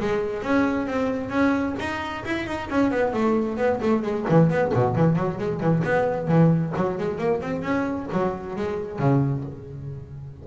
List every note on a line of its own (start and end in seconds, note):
0.00 0.43 G#3
0.43 0.87 C#4
0.87 1.30 C4
1.30 1.75 C#4
1.80 2.25 D#4
2.25 2.47 E4
2.47 2.69 D#4
2.70 2.91 C#4
2.91 3.13 B3
3.13 3.57 A3
3.57 3.80 B3
3.82 4.03 A3
4.03 4.25 G#3
4.30 4.50 E3
4.50 4.73 B3
4.74 4.96 B2
4.96 5.16 E3
5.16 5.39 F#3
5.39 5.60 G#3
5.60 5.83 E3
5.84 6.28 B3
6.28 6.73 E3
6.76 6.98 F#3
6.98 7.19 G#3
7.19 7.41 A#3
7.41 7.62 C4
7.62 8.08 C#4
8.12 8.57 F#3
8.57 8.99 G#3
8.99 9.44 C#3